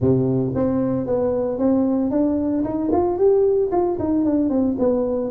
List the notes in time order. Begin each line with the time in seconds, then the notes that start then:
0.00 C3
0.55 C4
1.06 B3
1.58 C4
2.10 D4
2.64 D#4
2.92 F4
3.17 G4
3.71 F4
3.99 D#4
4.25 D4
4.49 C4
4.78 B3